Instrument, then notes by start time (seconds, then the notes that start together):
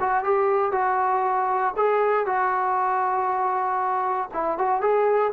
trombone
0.00 F#4
0.23 G4
0.72 F#4
1.76 G#4
2.26 F#4
4.33 E4
4.58 F#4
4.81 G#4